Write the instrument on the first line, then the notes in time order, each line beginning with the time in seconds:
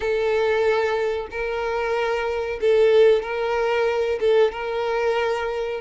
violin
0.00 A4
1.30 A#4
2.60 A4
3.22 A#4
4.20 A4
4.52 A#4